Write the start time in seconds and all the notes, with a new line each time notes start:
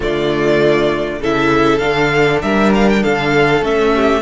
0.00 D3 A3 F4 D5
1.20 C#3 E4 A4 E5
1.78 D3 D4 F5
2.42 G3 A#4 E5
2.74 F5
2.89 G5
3.03 D3 A4 F5
3.62 A3 C#4 E5
3.95 G4